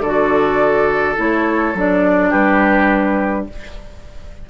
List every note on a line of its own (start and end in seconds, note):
0.00 1.15 D3
0.00 1.16 F#4
0.00 2.30 A4
0.00 1.16 D5
1.16 1.75 A3
1.16 1.74 E4
1.16 1.78 C#5
1.75 2.32 F#3
1.75 3.50 D4
1.75 2.32 D5
2.30 3.49 G3
2.30 3.45 G4
2.30 3.47 B4